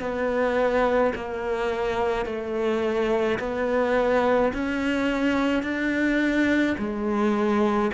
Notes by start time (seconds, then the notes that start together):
0.00 B3
1.16 A#3
2.26 A3
3.40 B3
4.53 C#4
5.63 D4
6.78 G#3